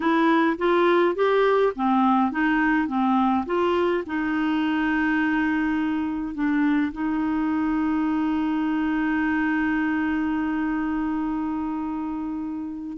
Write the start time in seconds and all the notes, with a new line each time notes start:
0.00 E4
0.58 F4
1.15 G4
1.75 C4
2.31 D#4
2.87 C4
3.46 F4
4.06 D#4
6.34 D4
6.92 D#4